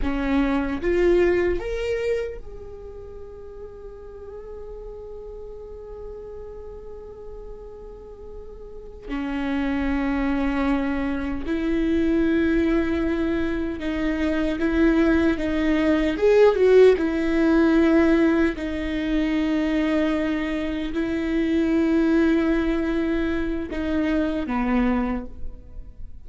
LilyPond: \new Staff \with { instrumentName = "viola" } { \time 4/4 \tempo 4 = 76 cis'4 f'4 ais'4 gis'4~ | gis'1~ | gis'2.~ gis'8 cis'8~ | cis'2~ cis'8 e'4.~ |
e'4. dis'4 e'4 dis'8~ | dis'8 gis'8 fis'8 e'2 dis'8~ | dis'2~ dis'8 e'4.~ | e'2 dis'4 b4 | }